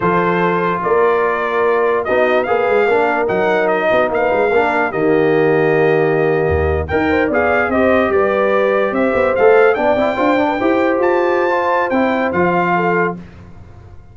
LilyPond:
<<
  \new Staff \with { instrumentName = "trumpet" } { \time 4/4 \tempo 4 = 146 c''2 d''2~ | d''4 dis''4 f''2 | fis''4 dis''4 f''2 | dis''1~ |
dis''8. g''4 f''4 dis''4 d''16~ | d''4.~ d''16 e''4 f''4 g''16~ | g''2~ g''8. a''4~ a''16~ | a''4 g''4 f''2 | }
  \new Staff \with { instrumentName = "horn" } { \time 4/4 a'2 ais'2~ | ais'4 fis'4 b'4 ais'4~ | ais'4. fis'8 b'4 ais'4 | g'1~ |
g'8. ais'8 c''8 d''4 c''4 b'16~ | b'4.~ b'16 c''2 d''16~ | d''8. c''8. b'16 c''2~ c''16~ | c''2. a'4 | }
  \new Staff \with { instrumentName = "trombone" } { \time 4/4 f'1~ | f'4 dis'4 gis'4 d'4 | dis'2. d'4 | ais1~ |
ais8. ais'4 gis'4 g'4~ g'16~ | g'2~ g'8. a'4 d'16~ | d'16 e'8 f'8 d'8 g'2~ g'16 | f'4 e'4 f'2 | }
  \new Staff \with { instrumentName = "tuba" } { \time 4/4 f2 ais2~ | ais4 b4 ais8 gis8 ais4 | fis4. b8 ais8 gis8 ais4 | dis2.~ dis8. dis,16~ |
dis,8. dis'4 b4 c'4 g16~ | g4.~ g16 c'8 b8 a4 b16~ | b16 c'8 d'4 e'4 f'4~ f'16~ | f'4 c'4 f2 | }
>>